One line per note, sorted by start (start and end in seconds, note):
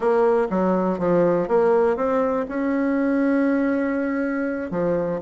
0.00 0.47 A#3
0.50 0.98 F#3
0.98 1.47 F3
1.47 1.96 A#3
1.96 2.46 C4
2.48 4.70 C#4
4.70 5.20 F3